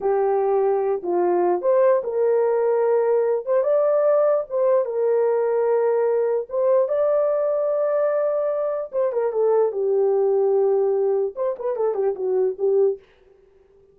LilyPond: \new Staff \with { instrumentName = "horn" } { \time 4/4 \tempo 4 = 148 g'2~ g'8 f'4. | c''4 ais'2.~ | ais'8 c''8 d''2 c''4 | ais'1 |
c''4 d''2.~ | d''2 c''8 ais'8 a'4 | g'1 | c''8 b'8 a'8 g'8 fis'4 g'4 | }